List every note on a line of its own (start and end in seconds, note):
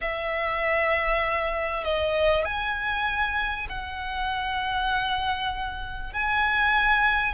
0.01 1.84 E5
1.84 2.45 D#5
2.45 3.67 G#5
3.69 6.13 F#5
6.13 7.34 G#5